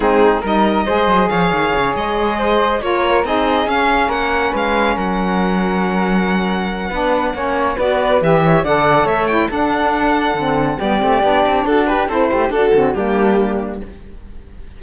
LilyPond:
<<
  \new Staff \with { instrumentName = "violin" } { \time 4/4 \tempo 4 = 139 gis'4 dis''2 f''4~ | f''8 dis''2 cis''4 dis''8~ | dis''8 f''4 fis''4 f''4 fis''8~ | fis''1~ |
fis''2 d''4 e''4 | fis''4 e''8 g''8 fis''2~ | fis''4 d''2 a'8 b'8 | c''4 a'4 g'2 | }
  \new Staff \with { instrumentName = "flute" } { \time 4/4 dis'4 ais'4 c''4 cis''4~ | cis''4. c''4 ais'4 gis'8~ | gis'4. ais'4 b'4 ais'8~ | ais'1 |
b'4 cis''4 b'4. cis''8 | d''4 cis''4 a'2~ | a'4 g'2 fis'8 g'8 | a'8 g'8 fis'4 d'2 | }
  \new Staff \with { instrumentName = "saxophone" } { \time 4/4 c'4 dis'4 gis'2~ | gis'2~ gis'8 f'4 dis'8~ | dis'8 cis'2.~ cis'8~ | cis'1 |
d'4 cis'4 fis'4 g'4 | a'4. e'8 d'2 | c'4 b8 c'8 d'2 | e'4 d'8 c'8 ais2 | }
  \new Staff \with { instrumentName = "cello" } { \time 4/4 gis4 g4 gis8 fis8 f8 dis8 | cis8 gis2 ais4 c'8~ | c'8 cis'4 ais4 gis4 fis8~ | fis1 |
b4 ais4 b4 e4 | d4 a4 d'2 | d4 g8 a8 b8 c'8 d'4 | c'8 a8 d'8 d8 g2 | }
>>